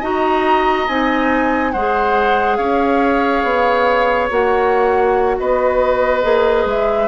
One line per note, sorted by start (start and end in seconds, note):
0.00 0.87 D#4
0.00 0.87 F#4
0.00 1.71 D#5
0.00 0.88 A#5
0.88 1.73 C4
0.88 1.73 D#4
0.88 1.71 G#5
1.71 2.58 G#3
1.71 4.30 G#4
1.71 2.57 C5
1.71 2.56 F#5
2.56 3.43 C#4
2.56 5.36 C#5
2.56 4.28 F5
3.44 4.29 B3
4.30 5.37 A#3
4.30 6.23 F#4
4.30 5.39 F#5
5.39 6.24 B3
5.39 7.07 B4
5.39 6.68 D#5
6.23 6.65 A#3
6.23 7.07 G#4
6.65 7.07 G#3
6.65 7.07 E5